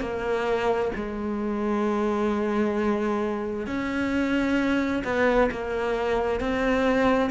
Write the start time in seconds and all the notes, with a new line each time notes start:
0.00 A#3
0.95 G#3
3.66 C#4
5.04 B3
5.51 A#3
6.40 C4